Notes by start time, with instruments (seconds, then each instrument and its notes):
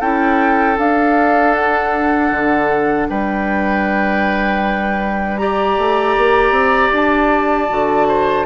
0.00 bassoon C#4, clarinet E4, oboe A4, flute G5
0.77 clarinet D4, bassoon D4, flute F5
1.55 flute F#5
2.32 bassoon D3
3.10 bassoon G3, oboe B4, flute G5
5.38 clarinet G4, oboe D5, flute A#5
5.79 bassoon A3
6.18 bassoon A#3
6.51 bassoon C4
6.92 bassoon D4, flute A5
7.70 bassoon D3, clarinet F#4
8.08 oboe C5